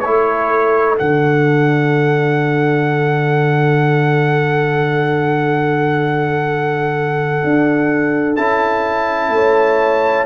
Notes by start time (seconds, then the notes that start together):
0.00 A3 E4 A4 C#5
0.97 D3 D4 F#5
7.43 D4
8.36 C#4 E4 A5
9.29 A3 C#5